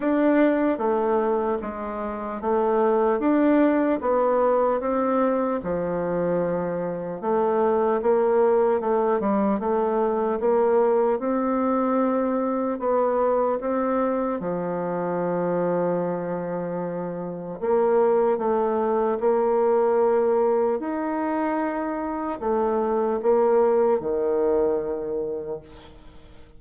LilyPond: \new Staff \with { instrumentName = "bassoon" } { \time 4/4 \tempo 4 = 75 d'4 a4 gis4 a4 | d'4 b4 c'4 f4~ | f4 a4 ais4 a8 g8 | a4 ais4 c'2 |
b4 c'4 f2~ | f2 ais4 a4 | ais2 dis'2 | a4 ais4 dis2 | }